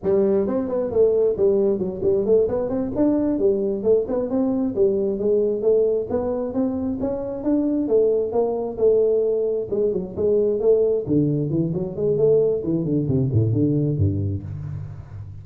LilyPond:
\new Staff \with { instrumentName = "tuba" } { \time 4/4 \tempo 4 = 133 g4 c'8 b8 a4 g4 | fis8 g8 a8 b8 c'8 d'4 g8~ | g8 a8 b8 c'4 g4 gis8~ | gis8 a4 b4 c'4 cis'8~ |
cis'8 d'4 a4 ais4 a8~ | a4. gis8 fis8 gis4 a8~ | a8 d4 e8 fis8 gis8 a4 | e8 d8 c8 a,8 d4 g,4 | }